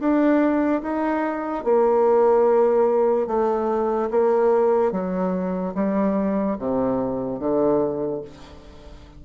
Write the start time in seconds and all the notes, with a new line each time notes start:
0.00 D4
0.83 D#4
1.64 A#3
3.27 A3
4.11 A#3
4.92 F#3
5.75 G3
6.59 C3
7.40 D3